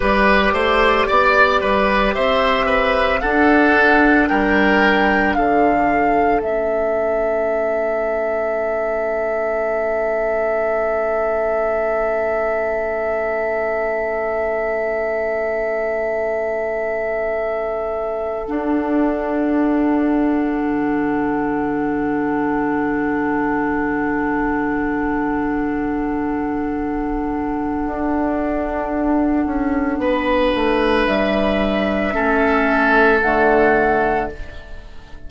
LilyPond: <<
  \new Staff \with { instrumentName = "flute" } { \time 4/4 \tempo 4 = 56 d''2 e''4 fis''4 | g''4 f''4 e''2~ | e''1~ | e''1~ |
e''4~ e''16 fis''2~ fis''8.~ | fis''1~ | fis''1~ | fis''4 e''2 fis''4 | }
  \new Staff \with { instrumentName = "oboe" } { \time 4/4 b'8 c''8 d''8 b'8 c''8 b'8 a'4 | ais'4 a'2.~ | a'1~ | a'1~ |
a'1~ | a'1~ | a'1 | b'2 a'2 | }
  \new Staff \with { instrumentName = "clarinet" } { \time 4/4 g'2. d'4~ | d'2 cis'2~ | cis'1~ | cis'1~ |
cis'4~ cis'16 d'2~ d'8.~ | d'1~ | d'1~ | d'2 cis'4 a4 | }
  \new Staff \with { instrumentName = "bassoon" } { \time 4/4 g8 a8 b8 g8 c'4 d'4 | g4 d4 a2~ | a1~ | a1~ |
a4~ a16 d'2 d8.~ | d1~ | d2 d'4. cis'8 | b8 a8 g4 a4 d4 | }
>>